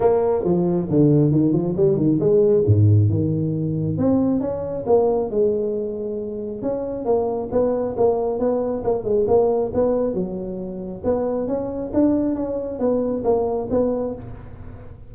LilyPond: \new Staff \with { instrumentName = "tuba" } { \time 4/4 \tempo 4 = 136 ais4 f4 d4 dis8 f8 | g8 dis8 gis4 gis,4 dis4~ | dis4 c'4 cis'4 ais4 | gis2. cis'4 |
ais4 b4 ais4 b4 | ais8 gis8 ais4 b4 fis4~ | fis4 b4 cis'4 d'4 | cis'4 b4 ais4 b4 | }